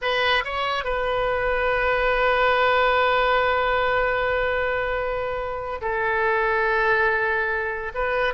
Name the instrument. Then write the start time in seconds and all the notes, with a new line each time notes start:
oboe
0.01 B4
0.44 C#5
0.84 B4
5.81 A4
7.94 B4